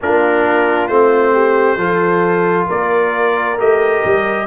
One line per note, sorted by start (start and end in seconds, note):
0.01 0.88 A#3
0.01 0.90 D4
0.01 1.32 F4
0.01 0.87 A#4
0.87 1.76 A3
0.87 1.78 C4
0.87 2.66 C5
1.32 1.77 G4
1.76 2.66 F3
1.76 3.57 F4
1.76 2.66 A4
2.66 3.58 A#3
2.66 4.45 A#4
2.66 3.59 D5
3.58 4.03 A3
3.58 4.46 G4
3.58 4.46 D#5
4.04 4.46 G3